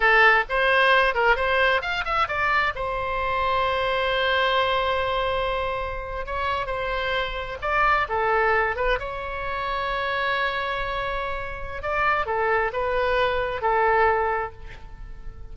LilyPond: \new Staff \with { instrumentName = "oboe" } { \time 4/4 \tempo 4 = 132 a'4 c''4. ais'8 c''4 | f''8 e''8 d''4 c''2~ | c''1~ | c''4.~ c''16 cis''4 c''4~ c''16~ |
c''8. d''4 a'4. b'8 cis''16~ | cis''1~ | cis''2 d''4 a'4 | b'2 a'2 | }